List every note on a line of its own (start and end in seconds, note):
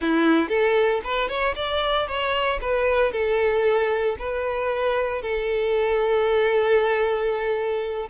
0.01 0.49 E4
0.49 1.01 A4
1.04 1.28 B4
1.28 1.54 C#5
1.55 2.07 D5
2.07 2.59 C#5
2.61 3.12 B4
3.12 4.16 A4
4.18 5.22 B4
5.22 8.09 A4